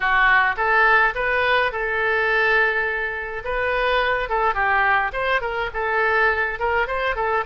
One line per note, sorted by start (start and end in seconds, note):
0.00 0.55 F#4
0.57 1.14 A4
1.14 1.71 B4
1.71 3.43 A4
3.44 4.29 B4
4.29 4.54 A4
4.54 5.11 G4
5.12 5.41 C5
5.41 5.70 A#4
5.73 6.59 A4
6.59 6.87 A#4
6.87 7.15 C5
7.15 7.44 A4